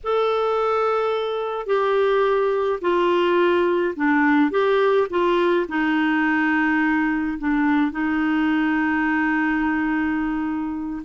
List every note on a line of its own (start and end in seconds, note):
0.03 1.66 A4
1.66 2.79 G4
2.81 3.94 F4
3.96 4.51 D4
4.51 5.07 G4
5.09 5.66 F4
5.68 7.38 D#4
7.38 7.91 D4
7.91 11.02 D#4